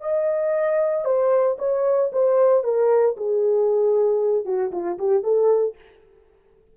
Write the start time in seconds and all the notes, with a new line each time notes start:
0.00 D#5
1.04 C5
1.58 C#5
2.12 C5
2.63 A#4
3.16 G#4
4.45 F#4
4.71 F4
4.98 G4
5.23 A4